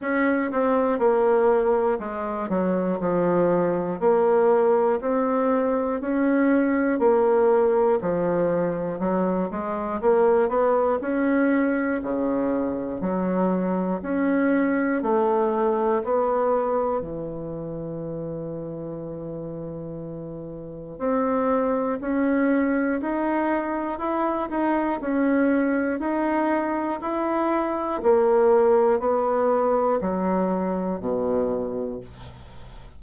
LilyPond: \new Staff \with { instrumentName = "bassoon" } { \time 4/4 \tempo 4 = 60 cis'8 c'8 ais4 gis8 fis8 f4 | ais4 c'4 cis'4 ais4 | f4 fis8 gis8 ais8 b8 cis'4 | cis4 fis4 cis'4 a4 |
b4 e2.~ | e4 c'4 cis'4 dis'4 | e'8 dis'8 cis'4 dis'4 e'4 | ais4 b4 fis4 b,4 | }